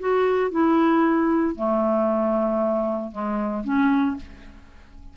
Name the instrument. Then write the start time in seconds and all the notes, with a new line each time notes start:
clarinet
0.00 F#4
0.51 E4
1.56 A3
3.12 G#3
3.65 C#4